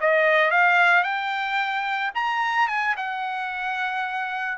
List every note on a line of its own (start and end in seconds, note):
0.00 0.51 D#5
0.51 1.03 F5
1.03 2.11 G5
2.15 2.68 A#5
2.68 2.95 G#5
2.97 4.58 F#5